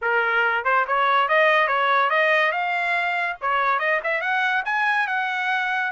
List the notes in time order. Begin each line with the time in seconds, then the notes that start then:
0.01 A#4
0.64 C5
0.87 C#5
1.28 D#5
1.67 C#5
2.10 D#5
2.51 F5
3.41 C#5
3.79 D#5
4.03 E5
4.21 F#5
4.65 G#5
5.07 F#5